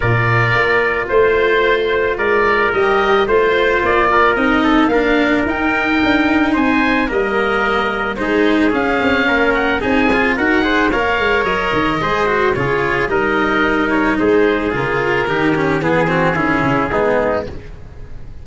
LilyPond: <<
  \new Staff \with { instrumentName = "oboe" } { \time 4/4 \tempo 4 = 110 d''2 c''2 | d''4 dis''4 c''4 d''4 | dis''4 f''4 g''2 | gis''4 dis''2 c''4 |
f''4. fis''8 gis''4 fis''4 | f''4 dis''2 cis''4 | dis''4. cis''8 c''4 ais'4~ | ais'4 gis'2. | }
  \new Staff \with { instrumentName = "trumpet" } { \time 4/4 ais'2 c''2 | ais'2 c''4. ais'8~ | ais'8 a'8 ais'2. | c''4 ais'2 gis'4~ |
gis'4 ais'4 gis'4 ais'8 c''8 | cis''2 c''4 gis'4 | ais'2 gis'2 | g'4 gis'8 fis'8 e'4 dis'4 | }
  \new Staff \with { instrumentName = "cello" } { \time 4/4 f'1~ | f'4 g'4 f'2 | dis'4 d'4 dis'2~ | dis'4 ais2 dis'4 |
cis'2 dis'8 f'8 fis'8 gis'8 | ais'2 gis'8 fis'8 f'4 | dis'2. f'4 | dis'8 cis'8 b8 c'8 cis'4 b4 | }
  \new Staff \with { instrumentName = "tuba" } { \time 4/4 ais,4 ais4 a2 | gis4 g4 a4 ais4 | c'4 ais4 dis'4 d'4 | c'4 g2 gis4 |
cis'8 c'8 ais4 c'4 dis'4 | ais8 gis8 fis8 dis8 gis4 cis4 | g2 gis4 cis4 | dis4 e4 dis8 cis8 gis4 | }
>>